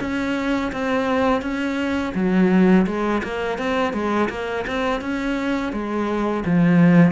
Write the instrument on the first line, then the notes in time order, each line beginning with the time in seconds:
cello
0.00 C#4
0.72 C4
1.42 C#4
2.14 F#3
2.86 G#3
3.23 A#3
3.58 C4
3.93 G#3
4.29 A#3
4.67 C4
5.01 C#4
5.72 G#3
6.45 F3